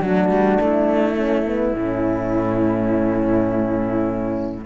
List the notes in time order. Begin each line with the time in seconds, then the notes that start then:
0.00 F#3 A3 D4 F#4
0.29 G3
0.61 A3 E4
1.16 C#4
1.47 B3
1.74 A2 C#4